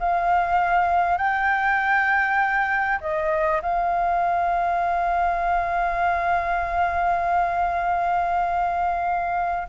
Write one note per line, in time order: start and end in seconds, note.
0.00 1.18 F5
1.18 2.99 G5
3.01 3.62 D#5
3.62 9.68 F5